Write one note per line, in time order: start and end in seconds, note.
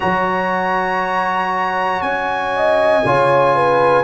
0.00 2.01 F#3
0.00 3.03 F#4
0.00 2.52 C#5
0.00 2.01 A#5
2.01 3.03 C#4
2.01 4.04 G#5
2.56 3.06 D#5
3.04 4.04 C#3
3.04 4.04 F4
3.04 3.55 C#5
3.55 4.04 B4